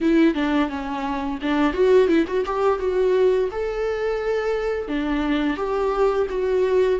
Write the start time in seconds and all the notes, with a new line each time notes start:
0.00 E4
0.34 D4
0.69 C#4
1.41 D4
1.73 F#4
2.07 E4
2.27 F#4
2.45 G4
2.79 F#4
3.51 A4
4.88 D4
5.57 G4
6.29 F#4